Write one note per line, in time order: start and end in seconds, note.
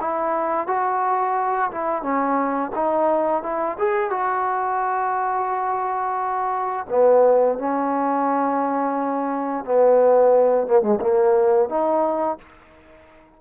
0.00 0.67 E4
0.67 1.70 F#4
1.71 2.02 E4
2.02 2.71 C#4
2.75 3.42 D#4
3.42 3.77 E4
3.78 4.10 G#4
4.10 6.86 F#4
6.89 7.58 B3
7.58 9.65 C#4
9.65 10.66 B3
10.66 10.82 A#3
10.82 10.99 G#3
11.01 11.69 A#3
11.69 12.38 D#4